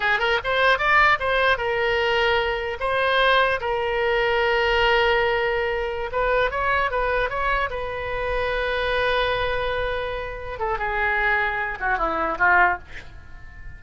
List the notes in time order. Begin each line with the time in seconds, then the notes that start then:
0.00 G#4
0.19 A#4
0.43 C5
0.78 D5
1.19 C5
1.57 A#4
2.79 C5
3.60 A#4
6.12 B4
6.50 C#5
6.90 B4
7.29 C#5
7.70 B4
10.59 A4
10.78 G#4
11.80 F#4
11.98 E4
12.38 F4